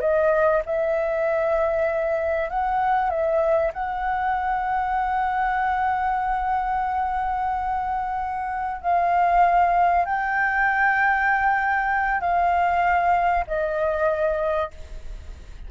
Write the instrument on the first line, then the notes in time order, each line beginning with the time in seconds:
flute
0.00 D#5
0.65 E5
2.49 F#5
3.10 E5
3.73 F#5
8.81 F5
10.05 G5
12.20 F5
13.47 D#5